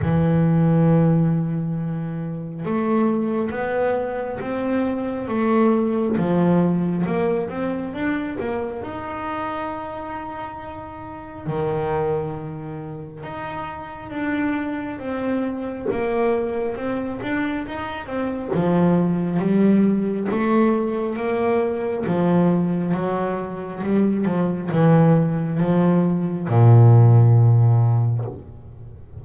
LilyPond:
\new Staff \with { instrumentName = "double bass" } { \time 4/4 \tempo 4 = 68 e2. a4 | b4 c'4 a4 f4 | ais8 c'8 d'8 ais8 dis'2~ | dis'4 dis2 dis'4 |
d'4 c'4 ais4 c'8 d'8 | dis'8 c'8 f4 g4 a4 | ais4 f4 fis4 g8 f8 | e4 f4 ais,2 | }